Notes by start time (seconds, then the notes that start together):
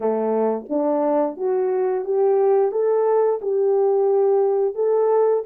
0.00 A3
0.68 D4
1.36 F#4
2.05 G4
2.71 A4
3.41 G4
4.74 A4